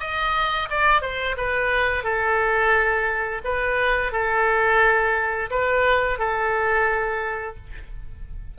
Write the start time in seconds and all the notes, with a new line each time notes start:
0.00 D#5
0.70 D5
1.02 C5
1.37 B4
2.04 A4
3.45 B4
4.12 A4
5.50 B4
6.19 A4